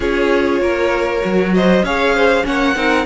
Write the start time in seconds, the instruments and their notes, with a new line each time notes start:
0.00 cello C#4, viola F4, violin G#4 C#5
0.60 cello A#3, violin A#4
1.20 cello F#3, viola F#4
1.54 violin C5 D#5
1.82 cello C#4, viola G#4, violin C#5 F5
2.14 violin C5
2.43 cello A#3, viola C#4, violin C#5 F#5
2.75 cello C4, viola D#4, violin A#4